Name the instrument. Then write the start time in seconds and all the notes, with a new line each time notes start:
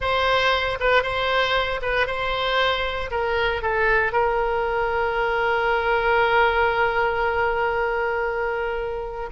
oboe
0.00 C5
0.80 B4
1.02 C5
1.82 B4
2.07 C5
3.11 A#4
3.61 A4
4.12 A#4